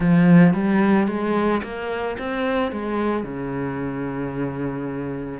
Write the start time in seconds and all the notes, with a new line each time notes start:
0.00 F3
0.53 G3
1.07 G#3
1.63 A#3
2.18 C4
2.71 G#3
3.23 C#3